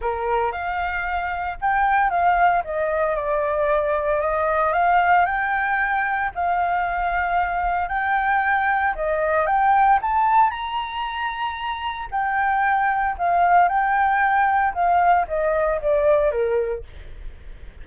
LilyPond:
\new Staff \with { instrumentName = "flute" } { \time 4/4 \tempo 4 = 114 ais'4 f''2 g''4 | f''4 dis''4 d''2 | dis''4 f''4 g''2 | f''2. g''4~ |
g''4 dis''4 g''4 a''4 | ais''2. g''4~ | g''4 f''4 g''2 | f''4 dis''4 d''4 ais'4 | }